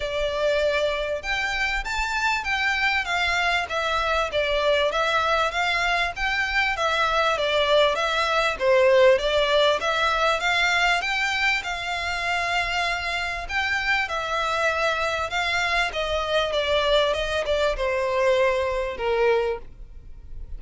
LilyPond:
\new Staff \with { instrumentName = "violin" } { \time 4/4 \tempo 4 = 98 d''2 g''4 a''4 | g''4 f''4 e''4 d''4 | e''4 f''4 g''4 e''4 | d''4 e''4 c''4 d''4 |
e''4 f''4 g''4 f''4~ | f''2 g''4 e''4~ | e''4 f''4 dis''4 d''4 | dis''8 d''8 c''2 ais'4 | }